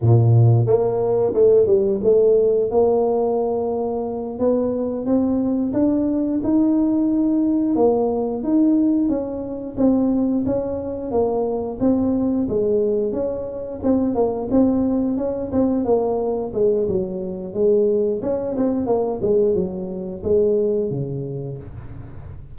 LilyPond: \new Staff \with { instrumentName = "tuba" } { \time 4/4 \tempo 4 = 89 ais,4 ais4 a8 g8 a4 | ais2~ ais8 b4 c'8~ | c'8 d'4 dis'2 ais8~ | ais8 dis'4 cis'4 c'4 cis'8~ |
cis'8 ais4 c'4 gis4 cis'8~ | cis'8 c'8 ais8 c'4 cis'8 c'8 ais8~ | ais8 gis8 fis4 gis4 cis'8 c'8 | ais8 gis8 fis4 gis4 cis4 | }